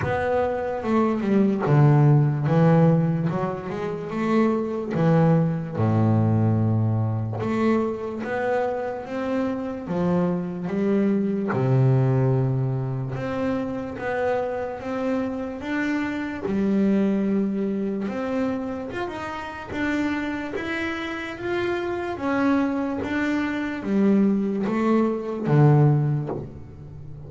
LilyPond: \new Staff \with { instrumentName = "double bass" } { \time 4/4 \tempo 4 = 73 b4 a8 g8 d4 e4 | fis8 gis8 a4 e4 a,4~ | a,4 a4 b4 c'4 | f4 g4 c2 |
c'4 b4 c'4 d'4 | g2 c'4 f'16 dis'8. | d'4 e'4 f'4 cis'4 | d'4 g4 a4 d4 | }